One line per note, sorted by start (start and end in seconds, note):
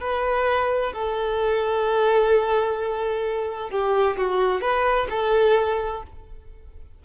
0.00 0.93 B4
0.93 3.70 A4
3.70 4.16 G4
4.17 4.61 F#4
4.61 5.07 B4
5.10 6.03 A4